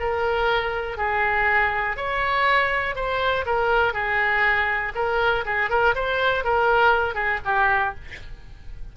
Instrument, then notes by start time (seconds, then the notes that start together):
oboe
0.00 A#4
0.98 G#4
1.97 C#5
2.96 C5
3.46 A#4
3.94 G#4
4.95 A#4
5.46 G#4
5.70 A#4
5.95 C5
6.44 A#4
7.15 G#4
7.45 G4